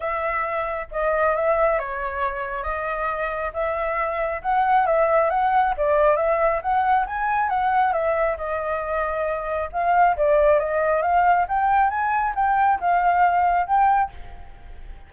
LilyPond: \new Staff \with { instrumentName = "flute" } { \time 4/4 \tempo 4 = 136 e''2 dis''4 e''4 | cis''2 dis''2 | e''2 fis''4 e''4 | fis''4 d''4 e''4 fis''4 |
gis''4 fis''4 e''4 dis''4~ | dis''2 f''4 d''4 | dis''4 f''4 g''4 gis''4 | g''4 f''2 g''4 | }